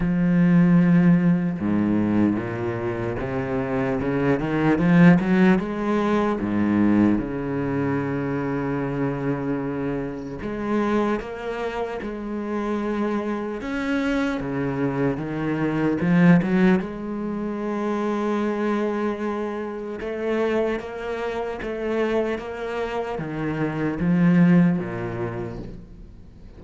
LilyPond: \new Staff \with { instrumentName = "cello" } { \time 4/4 \tempo 4 = 75 f2 gis,4 ais,4 | c4 cis8 dis8 f8 fis8 gis4 | gis,4 cis2.~ | cis4 gis4 ais4 gis4~ |
gis4 cis'4 cis4 dis4 | f8 fis8 gis2.~ | gis4 a4 ais4 a4 | ais4 dis4 f4 ais,4 | }